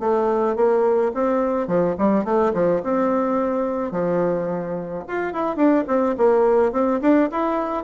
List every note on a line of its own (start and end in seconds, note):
0.00 0.56 A3
0.56 1.12 A#3
1.15 1.67 C4
1.67 1.95 F3
1.98 2.25 G3
2.25 2.53 A3
2.54 2.82 F3
2.84 3.92 C4
3.92 5.04 F3
5.08 5.33 F4
5.33 5.57 E4
5.57 5.85 D4
5.88 6.16 C4
6.18 6.73 A#3
6.73 7.01 C4
7.02 7.30 D4
7.32 7.85 E4